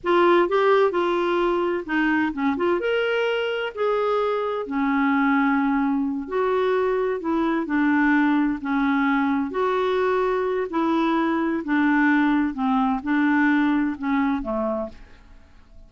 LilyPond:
\new Staff \with { instrumentName = "clarinet" } { \time 4/4 \tempo 4 = 129 f'4 g'4 f'2 | dis'4 cis'8 f'8 ais'2 | gis'2 cis'2~ | cis'4. fis'2 e'8~ |
e'8 d'2 cis'4.~ | cis'8 fis'2~ fis'8 e'4~ | e'4 d'2 c'4 | d'2 cis'4 a4 | }